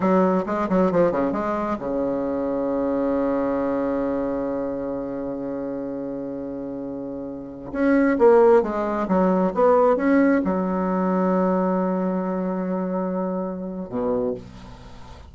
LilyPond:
\new Staff \with { instrumentName = "bassoon" } { \time 4/4 \tempo 4 = 134 fis4 gis8 fis8 f8 cis8 gis4 | cis1~ | cis1~ | cis1~ |
cis4~ cis16 cis'4 ais4 gis8.~ | gis16 fis4 b4 cis'4 fis8.~ | fis1~ | fis2. b,4 | }